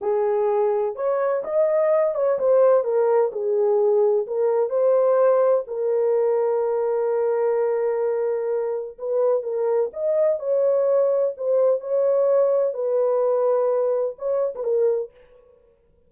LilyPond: \new Staff \with { instrumentName = "horn" } { \time 4/4 \tempo 4 = 127 gis'2 cis''4 dis''4~ | dis''8 cis''8 c''4 ais'4 gis'4~ | gis'4 ais'4 c''2 | ais'1~ |
ais'2. b'4 | ais'4 dis''4 cis''2 | c''4 cis''2 b'4~ | b'2 cis''8. b'16 ais'4 | }